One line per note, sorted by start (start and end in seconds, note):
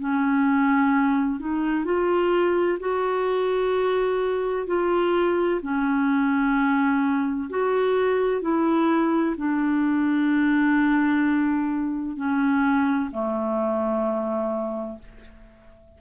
0.00 1.40 C#4
1.40 1.85 D#4
1.85 2.79 F4
2.80 4.67 F#4
4.67 5.61 F4
5.62 7.50 C#4
7.50 8.42 F#4
8.42 9.36 E4
9.37 12.17 D4
12.17 13.11 C#4
13.12 14.99 A3